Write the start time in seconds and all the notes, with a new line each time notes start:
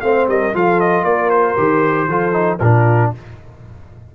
0.00 A3 C4 C5 F5
0.27 G3 A#4 D#5
0.54 F3 F4 A4 F5
0.80 D#5
1.03 A#3 A#4 D5
1.30 C5
1.57 D#3 G4
2.08 F3 F4 A4
2.32 D#4
2.59 A#2 D4 F4 A#4